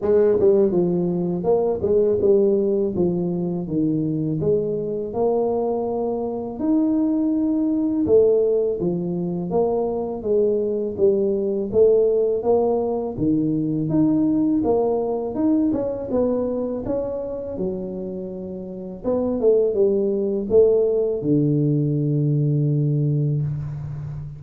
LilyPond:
\new Staff \with { instrumentName = "tuba" } { \time 4/4 \tempo 4 = 82 gis8 g8 f4 ais8 gis8 g4 | f4 dis4 gis4 ais4~ | ais4 dis'2 a4 | f4 ais4 gis4 g4 |
a4 ais4 dis4 dis'4 | ais4 dis'8 cis'8 b4 cis'4 | fis2 b8 a8 g4 | a4 d2. | }